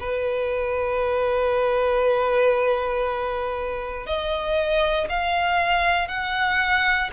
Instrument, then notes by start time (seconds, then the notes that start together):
violin
0.00 B4
4.06 D#5
5.09 F5
6.08 F#5